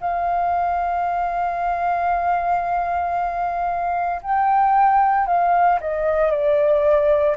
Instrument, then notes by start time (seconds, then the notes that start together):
flute
0.00 F5
4.22 G5
5.26 F5
5.80 D#5
6.31 D5